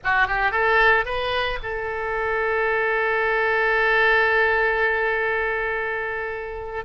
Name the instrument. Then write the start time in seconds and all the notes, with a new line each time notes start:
oboe
0.03 F#4
0.27 G4
0.51 A4
1.05 B4
1.62 A4